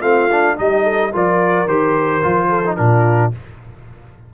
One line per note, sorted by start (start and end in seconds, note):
0.00 0.56 A3
0.00 0.29 C4
0.00 0.55 F4
0.00 0.56 F5
0.31 0.56 D4
0.56 1.13 G3
0.56 1.11 D#4
0.56 0.83 G4
0.56 1.14 D#5
0.83 1.10 A4
1.12 1.66 F3
1.12 1.67 F4
1.12 2.49 A#4
1.12 1.67 D5
1.66 2.21 D#3
1.66 2.22 G4
1.66 2.76 C5
2.22 2.78 F3
2.22 2.64 F4
2.49 2.76 A4
2.64 2.77 D#4
2.76 3.33 A#2
2.76 3.32 D4
2.76 3.33 F4
2.76 3.31 A#4